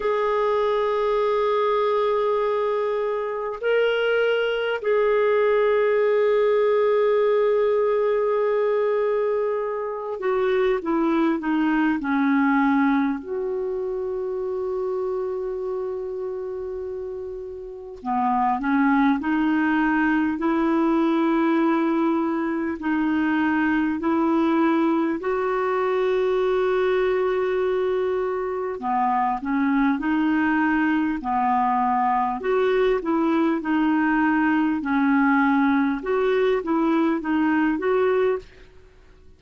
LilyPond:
\new Staff \with { instrumentName = "clarinet" } { \time 4/4 \tempo 4 = 50 gis'2. ais'4 | gis'1~ | gis'8 fis'8 e'8 dis'8 cis'4 fis'4~ | fis'2. b8 cis'8 |
dis'4 e'2 dis'4 | e'4 fis'2. | b8 cis'8 dis'4 b4 fis'8 e'8 | dis'4 cis'4 fis'8 e'8 dis'8 fis'8 | }